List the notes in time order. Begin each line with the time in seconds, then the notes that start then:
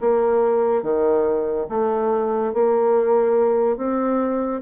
0.00 A#3
0.83 D#3
1.69 A3
2.53 A#3
3.77 C4